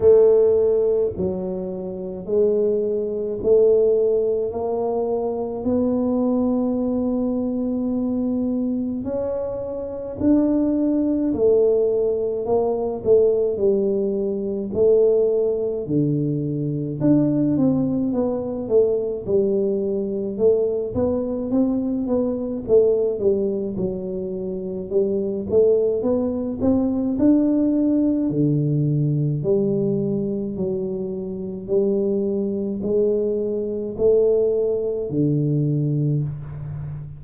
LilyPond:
\new Staff \with { instrumentName = "tuba" } { \time 4/4 \tempo 4 = 53 a4 fis4 gis4 a4 | ais4 b2. | cis'4 d'4 a4 ais8 a8 | g4 a4 d4 d'8 c'8 |
b8 a8 g4 a8 b8 c'8 b8 | a8 g8 fis4 g8 a8 b8 c'8 | d'4 d4 g4 fis4 | g4 gis4 a4 d4 | }